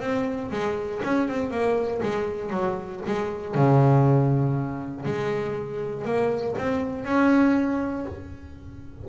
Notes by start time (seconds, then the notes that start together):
0.00 C4
0.51 G#3
1.04 C#4
1.29 C4
1.51 A#3
2.03 G#3
2.50 F#3
3.06 G#3
3.55 C#3
5.05 G#3
6.05 A#3
6.58 C4
7.05 C#4